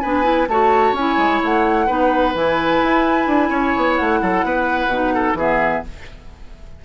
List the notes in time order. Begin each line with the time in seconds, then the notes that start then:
0.00 B3 D4 B4 G#5
0.23 E4
0.48 A3 F#4 C#5 A5
0.92 C#4 E4 G#5
1.17 G#3
1.43 A3 F#5
1.86 B3 D#4 B4
2.34 E3 E4 G#5
2.83 E4
3.27 D4
3.50 C#4 C#5
3.76 B3
3.96 A3 F#5
4.22 F#3 A4
4.44 B3 B4
4.87 B2 D#4
5.14 A4
5.34 E3 B3 G#4 E5